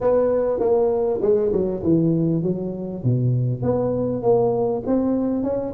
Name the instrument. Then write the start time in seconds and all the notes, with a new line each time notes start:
tuba
0.00 B3
0.59 A#3
1.21 G#3
1.52 F#3
1.82 E3
2.42 F#3
3.03 B2
3.62 B3
4.22 A#3
4.86 C4
5.43 C#4